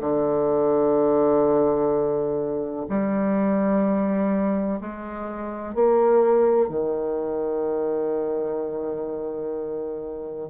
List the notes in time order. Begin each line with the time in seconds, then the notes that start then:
0.00 D3
2.89 G3
4.81 G#3
5.74 A#3
6.68 D#3